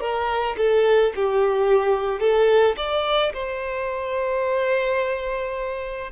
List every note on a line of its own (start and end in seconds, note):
0.00 0.56 A#4
0.57 1.13 A4
1.15 2.20 G4
2.20 2.75 A4
2.76 3.32 D5
3.33 6.11 C5